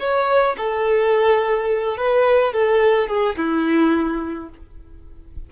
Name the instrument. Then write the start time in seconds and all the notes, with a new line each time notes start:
violin
0.00 C#5
0.58 A4
1.98 B4
2.54 A4
3.08 G#4
3.37 E4